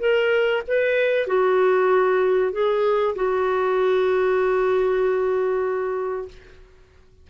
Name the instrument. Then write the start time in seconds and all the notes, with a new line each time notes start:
clarinet
0.00 A#4
0.68 B4
1.28 F#4
2.53 G#4
3.16 F#4